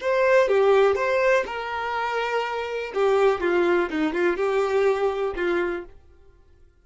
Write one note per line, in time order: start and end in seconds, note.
0.00 0.48 C5
0.48 0.95 G4
0.95 1.44 C5
1.46 2.92 A#4
2.94 3.40 G4
3.40 3.89 F4
3.90 4.13 D#4
4.13 4.36 F4
4.36 5.34 G4
5.35 5.84 F4